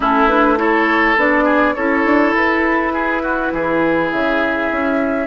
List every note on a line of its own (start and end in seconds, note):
0.00 1.15 A3
0.00 0.29 C#4
0.00 0.59 E4
0.00 0.27 A4
0.27 0.57 D4
0.27 0.57 B4
0.57 1.16 E4
0.57 1.44 A4
0.57 1.17 C#5
1.15 1.74 B3
1.15 1.75 D4
1.15 1.75 D5
1.44 1.73 G#4
1.75 2.05 C#4
1.75 5.26 E4
1.75 2.93 A4
1.75 2.33 C#5
2.05 2.33 D4
2.33 3.50 E4
2.33 4.11 B4
2.93 3.22 G#4
3.22 3.52 F#4
3.52 4.11 E3
3.52 5.26 G#4
4.11 4.71 C#3
4.11 5.26 E5
4.71 5.26 C#4